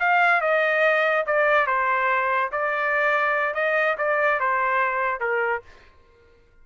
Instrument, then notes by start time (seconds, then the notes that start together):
trumpet
0.00 F5
0.41 D#5
1.26 D5
1.67 C5
2.52 D5
3.54 D#5
3.98 D5
4.40 C5
5.20 A#4